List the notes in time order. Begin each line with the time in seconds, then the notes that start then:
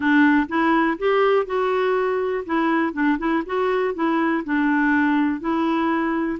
0.00 D4
0.48 E4
0.98 G4
1.46 F#4
2.45 E4
2.93 D4
3.18 E4
3.46 F#4
3.94 E4
4.44 D4
5.40 E4